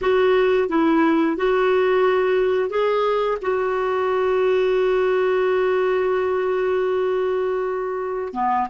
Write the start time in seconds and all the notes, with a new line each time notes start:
0.01 F#4
0.68 E4
1.36 F#4
2.69 G#4
3.41 F#4
8.33 B3